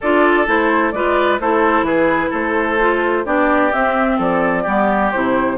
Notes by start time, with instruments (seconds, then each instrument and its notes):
0.00 bassoon D4, clarinet F4, oboe A4, flute D5
0.46 bassoon A3, clarinet E4, flute C5
0.91 bassoon G#3, clarinet F4, oboe B4, flute D5
1.39 bassoon A3, clarinet E4, oboe A4, flute C5
1.82 bassoon E3, oboe G#4, flute B4
2.30 bassoon A3, oboe A4, flute C5
2.79 clarinet F4
3.25 bassoon B3, clarinet D4, oboe G4, flute D5
3.72 clarinet C4, bassoon C4, flute E5
4.17 bassoon F3, oboe A4, flute D5
4.62 bassoon G3, clarinet B3, oboe G4
5.11 bassoon C3, clarinet E4, flute C5